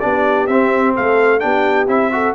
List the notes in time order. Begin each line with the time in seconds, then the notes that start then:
0.00 B3 D4 G4 D5
0.47 C4 E5
0.95 A3 A4 F5
1.40 B3 D4 G4 G5
1.88 C4 E4 E5
2.12 F#4 A4